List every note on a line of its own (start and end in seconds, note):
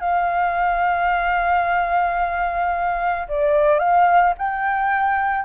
0.00 3.27 F5
3.29 3.79 D5
3.79 4.34 F5
4.38 5.45 G5